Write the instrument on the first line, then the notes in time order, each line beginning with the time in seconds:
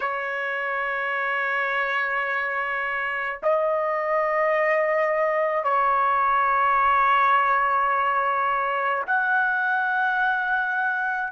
trumpet
0.00 C#5
3.42 D#5
5.63 C#5
9.06 F#5